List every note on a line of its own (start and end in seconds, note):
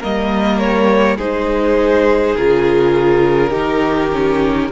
0.00 1.17 G3
0.00 1.18 A#3
0.00 1.17 A#4
0.00 0.58 D#5
0.58 1.17 C#5
1.17 2.35 G#3
1.17 2.37 D#4
1.17 3.50 G#4
1.17 2.36 C5
2.36 3.53 C#3
2.36 3.50 F4
2.36 4.72 A#4
3.50 4.70 D#3
3.50 4.09 D#4
3.50 4.68 G4
4.12 4.71 C#4